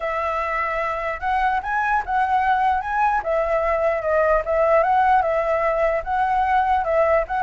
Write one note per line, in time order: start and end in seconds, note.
0.00 1.20 E5
1.20 1.60 F#5
1.62 2.03 G#5
2.05 2.81 F#5
2.81 3.21 G#5
3.23 4.02 E5
4.02 4.42 D#5
4.45 4.83 E5
4.83 5.22 F#5
5.22 6.02 E5
6.04 6.84 F#5
6.84 7.24 E5
7.27 7.42 F#5